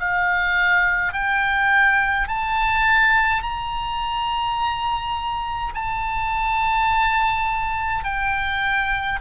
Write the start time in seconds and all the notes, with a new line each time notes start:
0.00 F5
1.13 G5
2.28 A5
3.43 A#5
5.75 A5
8.05 G5